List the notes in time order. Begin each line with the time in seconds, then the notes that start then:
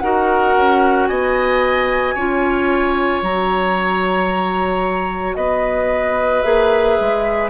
0.00 D#4 F#4 A#4 F#5
0.56 C#4
1.07 B3 D#5 G#5
2.15 C#4 F4 C#5
3.22 F#3 F#4 A#5
5.35 B3 B4 D#5
6.42 A#3 G#4 E5
7.00 G#3